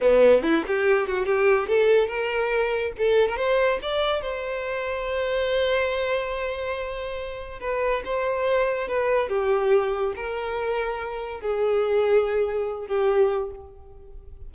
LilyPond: \new Staff \with { instrumentName = "violin" } { \time 4/4 \tempo 4 = 142 b4 e'8 g'4 fis'8 g'4 | a'4 ais'2 a'8. ais'16 | c''4 d''4 c''2~ | c''1~ |
c''2 b'4 c''4~ | c''4 b'4 g'2 | ais'2. gis'4~ | gis'2~ gis'8 g'4. | }